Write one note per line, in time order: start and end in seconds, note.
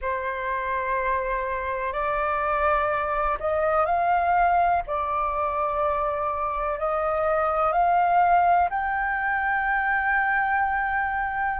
0.01 1.92 C5
1.92 3.37 D5
3.39 3.85 D#5
3.85 4.82 F5
4.86 6.79 D5
6.79 7.72 D#5
7.72 8.69 F5
8.70 11.60 G5